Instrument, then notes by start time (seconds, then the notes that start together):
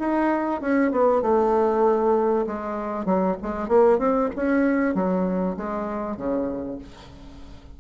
bassoon
0.00 D#4
0.62 C#4
0.92 B3
1.23 A3
2.47 G#3
3.06 F#3
3.42 G#3
3.69 A#3
3.99 C4
4.37 C#4
4.95 F#3
5.57 G#3
6.17 C#3